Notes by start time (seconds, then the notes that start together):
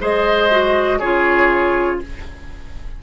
0.00 G#3 G#4 C5 D#5
0.50 F#4
0.99 C#3 F4 G#4 C#5